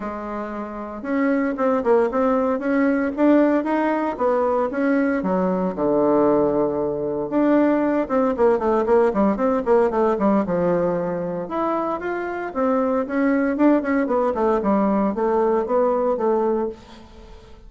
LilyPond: \new Staff \with { instrumentName = "bassoon" } { \time 4/4 \tempo 4 = 115 gis2 cis'4 c'8 ais8 | c'4 cis'4 d'4 dis'4 | b4 cis'4 fis4 d4~ | d2 d'4. c'8 |
ais8 a8 ais8 g8 c'8 ais8 a8 g8 | f2 e'4 f'4 | c'4 cis'4 d'8 cis'8 b8 a8 | g4 a4 b4 a4 | }